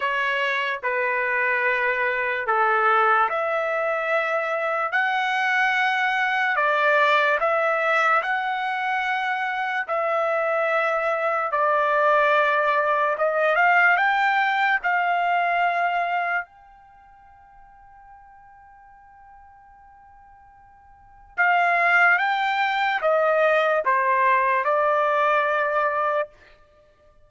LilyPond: \new Staff \with { instrumentName = "trumpet" } { \time 4/4 \tempo 4 = 73 cis''4 b'2 a'4 | e''2 fis''2 | d''4 e''4 fis''2 | e''2 d''2 |
dis''8 f''8 g''4 f''2 | g''1~ | g''2 f''4 g''4 | dis''4 c''4 d''2 | }